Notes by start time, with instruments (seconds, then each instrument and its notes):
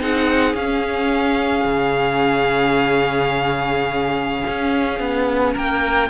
0.00 cello C4, viola D#4, violin G#4 F#5
0.54 cello C#4, viola C#4, violin F5
1.64 cello C#3
4.47 cello C#4
4.99 cello B3
5.53 cello A#3, violin A#4 G5